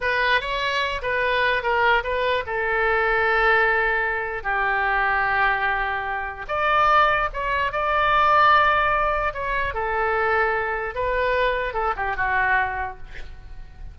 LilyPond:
\new Staff \with { instrumentName = "oboe" } { \time 4/4 \tempo 4 = 148 b'4 cis''4. b'4. | ais'4 b'4 a'2~ | a'2. g'4~ | g'1 |
d''2 cis''4 d''4~ | d''2. cis''4 | a'2. b'4~ | b'4 a'8 g'8 fis'2 | }